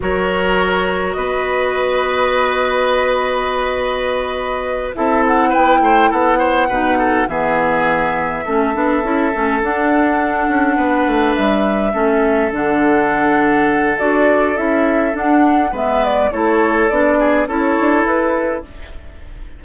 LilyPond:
<<
  \new Staff \with { instrumentName = "flute" } { \time 4/4 \tempo 4 = 103 cis''2 dis''2~ | dis''1~ | dis''8 e''8 fis''8 g''4 fis''4.~ | fis''8 e''2.~ e''8~ |
e''8 fis''2. e''8~ | e''4. fis''2~ fis''8 | d''4 e''4 fis''4 e''8 d''8 | cis''4 d''4 cis''4 b'4 | }
  \new Staff \with { instrumentName = "oboe" } { \time 4/4 ais'2 b'2~ | b'1~ | b'8 a'4 b'8 c''8 a'8 c''8 b'8 | a'8 gis'2 a'4.~ |
a'2~ a'8 b'4.~ | b'8 a'2.~ a'8~ | a'2. b'4 | a'4. gis'8 a'2 | }
  \new Staff \with { instrumentName = "clarinet" } { \time 4/4 fis'1~ | fis'1~ | fis'8 e'2. dis'8~ | dis'8 b2 cis'8 d'8 e'8 |
cis'8 d'2.~ d'8~ | d'8 cis'4 d'2~ d'8 | fis'4 e'4 d'4 b4 | e'4 d'4 e'2 | }
  \new Staff \with { instrumentName = "bassoon" } { \time 4/4 fis2 b2~ | b1~ | b8 c'4 b8 a8 b4 b,8~ | b,8 e2 a8 b8 cis'8 |
a8 d'4. cis'8 b8 a8 g8~ | g8 a4 d2~ d8 | d'4 cis'4 d'4 gis4 | a4 b4 cis'8 d'8 e'4 | }
>>